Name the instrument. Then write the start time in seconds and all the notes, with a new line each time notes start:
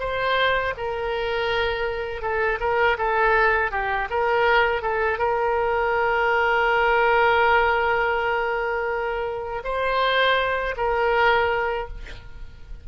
oboe
0.00 C5
0.77 A#4
2.22 A4
2.61 A#4
2.98 A4
3.72 G4
4.10 A#4
4.82 A4
5.19 A#4
9.65 C5
10.77 A#4